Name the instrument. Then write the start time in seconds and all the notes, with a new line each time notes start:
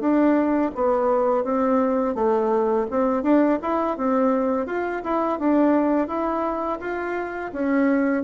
bassoon
0.00 D4
0.75 B3
1.44 C4
2.15 A3
2.91 C4
3.23 D4
3.62 E4
3.97 C4
4.67 F4
5.04 E4
5.39 D4
6.08 E4
6.81 F4
7.53 C#4